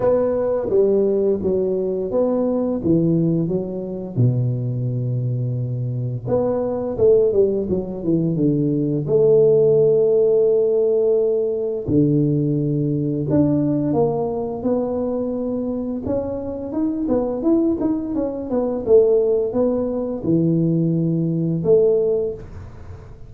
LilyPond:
\new Staff \with { instrumentName = "tuba" } { \time 4/4 \tempo 4 = 86 b4 g4 fis4 b4 | e4 fis4 b,2~ | b,4 b4 a8 g8 fis8 e8 | d4 a2.~ |
a4 d2 d'4 | ais4 b2 cis'4 | dis'8 b8 e'8 dis'8 cis'8 b8 a4 | b4 e2 a4 | }